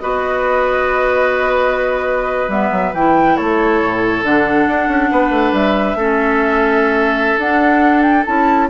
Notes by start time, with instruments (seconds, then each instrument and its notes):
0.00 bassoon B3, clarinet F#4, oboe B4, flute D#5
2.48 bassoon G3, clarinet B3, flute E5
2.71 bassoon F#3
2.93 bassoon E3, clarinet E4, flute G5
3.36 bassoon A3, oboe A4, flute C#5
3.82 bassoon A2
4.23 bassoon D3, clarinet D4, flute F#5
4.68 bassoon D4
4.88 bassoon C#4
5.12 bassoon B3, oboe B4
5.31 bassoon A3
5.53 bassoon G3, flute E5
5.95 bassoon A3, clarinet C#4, oboe A4
7.38 bassoon D4, clarinet D4, flute F#5
8.03 flute G5
8.26 bassoon C#4, clarinet E4, flute A5